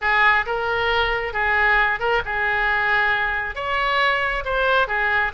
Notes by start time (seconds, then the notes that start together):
0.01 G#4
0.46 A#4
1.33 G#4
1.99 A#4
2.25 G#4
3.55 C#5
4.44 C5
4.87 G#4